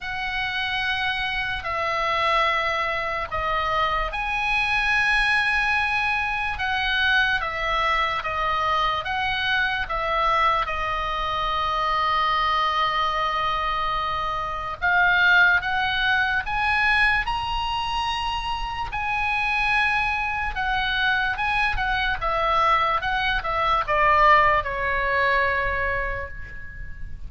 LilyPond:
\new Staff \with { instrumentName = "oboe" } { \time 4/4 \tempo 4 = 73 fis''2 e''2 | dis''4 gis''2. | fis''4 e''4 dis''4 fis''4 | e''4 dis''2.~ |
dis''2 f''4 fis''4 | gis''4 ais''2 gis''4~ | gis''4 fis''4 gis''8 fis''8 e''4 | fis''8 e''8 d''4 cis''2 | }